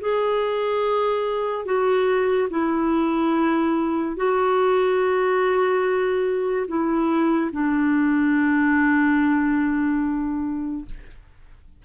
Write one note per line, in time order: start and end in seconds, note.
0.00 1.65 G#4
1.65 2.48 F#4
2.50 4.16 E4
4.16 6.66 F#4
6.67 7.51 E4
7.52 10.85 D4